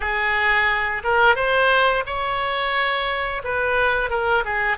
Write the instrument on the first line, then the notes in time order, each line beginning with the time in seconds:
oboe
0.00 G#4
1.03 A#4
1.35 C5
2.06 C#5
3.44 B4
4.09 A#4
4.44 G#4